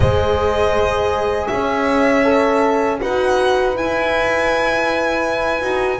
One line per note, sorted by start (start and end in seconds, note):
0.00 1.47 G#3
0.00 2.23 G#4
0.00 1.50 C5
0.00 1.47 D#5
1.47 3.00 C#4
1.47 3.00 C#5
1.47 2.97 E5
2.23 2.98 A4
3.00 3.77 D#4
3.00 3.75 F#4
3.00 6.00 B4
3.00 3.76 F#5
3.75 5.61 E4
3.75 5.62 E4
3.75 6.00 G#5
5.61 6.00 D#4
5.61 5.98 F#4